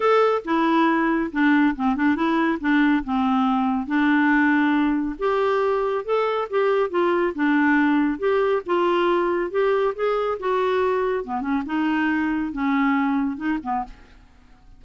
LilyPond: \new Staff \with { instrumentName = "clarinet" } { \time 4/4 \tempo 4 = 139 a'4 e'2 d'4 | c'8 d'8 e'4 d'4 c'4~ | c'4 d'2. | g'2 a'4 g'4 |
f'4 d'2 g'4 | f'2 g'4 gis'4 | fis'2 b8 cis'8 dis'4~ | dis'4 cis'2 dis'8 b8 | }